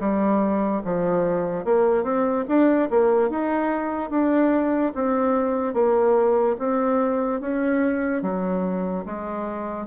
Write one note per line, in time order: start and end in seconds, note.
0.00 0.82 G3
0.85 1.65 F3
1.65 2.04 A#3
2.04 2.45 C4
2.48 2.90 D4
2.90 3.30 A#3
3.30 4.11 D#4
4.11 4.93 D4
4.95 5.74 C4
5.74 6.56 A#3
6.59 7.41 C4
7.41 8.23 C#4
8.23 9.05 F#3
9.06 9.87 G#3